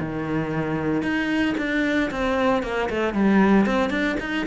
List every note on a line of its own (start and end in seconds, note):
0.00 1.03 D#3
1.03 1.55 D#4
1.58 2.11 D4
2.11 2.63 C4
2.63 2.90 A#3
2.90 3.14 A3
3.14 3.67 G3
3.67 3.90 C4
3.90 4.17 D4
4.21 4.47 D#4